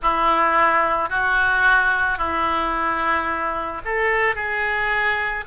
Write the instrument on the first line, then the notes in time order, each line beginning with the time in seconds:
oboe
0.02 E4
1.09 F#4
2.18 E4
3.85 A4
4.35 G#4